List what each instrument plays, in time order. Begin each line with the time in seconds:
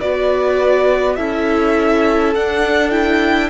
0.00 cello B3, viola F#4, violin B4 D5
1.16 cello C#4, viola E4, violin A4 E5
2.35 viola D4, cello D4, violin F#5
2.91 viola E4, violin G5